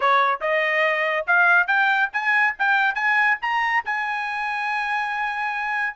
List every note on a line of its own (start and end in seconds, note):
0.00 0.40 C#5
0.40 1.26 D#5
1.26 1.67 F5
1.67 2.09 G5
2.12 2.55 G#5
2.59 2.95 G5
2.95 3.37 G#5
3.41 3.84 A#5
3.85 5.96 G#5